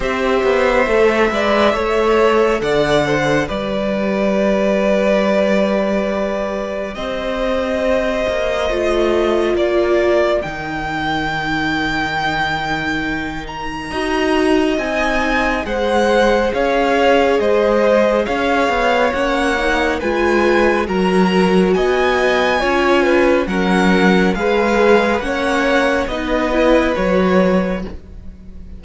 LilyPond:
<<
  \new Staff \with { instrumentName = "violin" } { \time 4/4 \tempo 4 = 69 e''2. fis''4 | d''1 | dis''2. d''4 | g''2.~ g''8 ais''8~ |
ais''4 gis''4 fis''4 f''4 | dis''4 f''4 fis''4 gis''4 | ais''4 gis''2 fis''4 | f''4 fis''4 dis''4 cis''4 | }
  \new Staff \with { instrumentName = "violin" } { \time 4/4 c''4. d''8 cis''4 d''8 c''8 | b'1 | c''2. ais'4~ | ais'1 |
dis''2 c''4 cis''4 | c''4 cis''2 b'4 | ais'4 dis''4 cis''8 b'8 ais'4 | b'4 cis''4 b'2 | }
  \new Staff \with { instrumentName = "viola" } { \time 4/4 g'4 a'8 b'8 a'2 | g'1~ | g'2 f'2 | dis'1 |
fis'4 dis'4 gis'2~ | gis'2 cis'8 dis'8 f'4 | fis'2 f'4 cis'4 | gis'4 cis'4 dis'8 e'8 fis'4 | }
  \new Staff \with { instrumentName = "cello" } { \time 4/4 c'8 b8 a8 gis8 a4 d4 | g1 | c'4. ais8 a4 ais4 | dis1 |
dis'4 c'4 gis4 cis'4 | gis4 cis'8 b8 ais4 gis4 | fis4 b4 cis'4 fis4 | gis4 ais4 b4 fis4 | }
>>